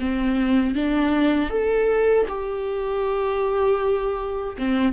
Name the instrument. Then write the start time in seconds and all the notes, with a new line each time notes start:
viola
0.00 C4
0.76 D4
1.51 A4
2.29 G4
4.58 C4